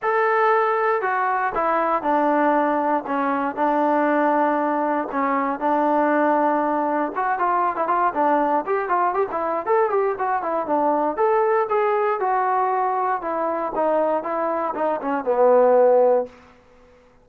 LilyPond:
\new Staff \with { instrumentName = "trombone" } { \time 4/4 \tempo 4 = 118 a'2 fis'4 e'4 | d'2 cis'4 d'4~ | d'2 cis'4 d'4~ | d'2 fis'8 f'8. e'16 f'8 |
d'4 g'8 f'8 g'16 e'8. a'8 g'8 | fis'8 e'8 d'4 a'4 gis'4 | fis'2 e'4 dis'4 | e'4 dis'8 cis'8 b2 | }